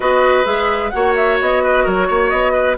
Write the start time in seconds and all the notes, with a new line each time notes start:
0.00 B3 F#4 B4 D#5
0.43 G#3 G#4 E5
0.90 A#3 F#4 C#5 F#5
1.16 E5
1.40 B3 D#5
1.63 B4
1.84 F#3 A#4 C#5
2.08 A#3 C#5
2.29 B3 D#5
2.52 B4